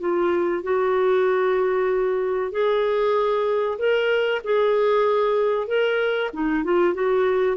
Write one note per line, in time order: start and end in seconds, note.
0.00 0.63 F4
0.63 2.52 F#4
2.52 3.78 G#4
3.78 4.42 A#4
4.44 5.67 G#4
5.67 6.30 A#4
6.33 6.64 D#4
6.64 6.94 F4
6.94 7.57 F#4